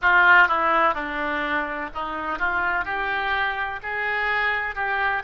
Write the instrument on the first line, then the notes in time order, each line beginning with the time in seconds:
oboe
0.01 F4
0.48 E4
0.94 D4
1.94 D#4
2.38 F4
2.84 G4
3.83 G#4
4.75 G4